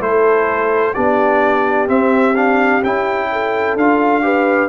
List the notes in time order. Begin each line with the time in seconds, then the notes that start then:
0.00 A3 E4 A4 C5
0.94 B3 D4 G4 D5
1.87 C4 E5
2.35 D4 F5
2.83 C#4 E4 G5
3.32 A4
3.75 D4 F4 F5
4.22 G4 B4